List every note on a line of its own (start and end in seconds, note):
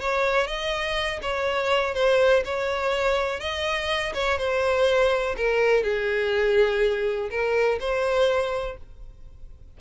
0.00 0.47 C#5
0.47 1.20 D#5
1.22 1.94 C#5
1.94 2.43 C5
2.45 3.40 C#5
3.40 4.13 D#5
4.14 4.38 C#5
4.38 5.35 C5
5.36 5.83 A#4
5.83 7.29 G#4
7.30 7.79 A#4
7.80 8.77 C5